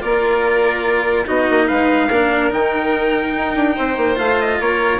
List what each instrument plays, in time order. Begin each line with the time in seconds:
0.00 bassoon A#3, cello F4, violin A#4, trumpet D5
1.26 bassoon B3, cello D#4, violin F#4, trumpet D#5
1.49 bassoon A#3
1.67 bassoon G#3, violin B4, trumpet F5
2.08 bassoon A#3, cello D4, violin A#4
2.51 bassoon D#3, cello D#4, trumpet G5
3.36 bassoon D#4
3.55 bassoon D4
3.75 bassoon C4, violin C5
3.97 bassoon A#3
4.16 bassoon A3, cello F4, trumpet F5
4.40 trumpet D#5
4.60 bassoon A#3, violin A#4, trumpet C#5